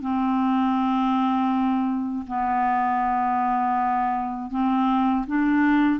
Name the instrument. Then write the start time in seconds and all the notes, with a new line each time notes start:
clarinet
0.00 C4
2.27 B3
4.50 C4
5.27 D4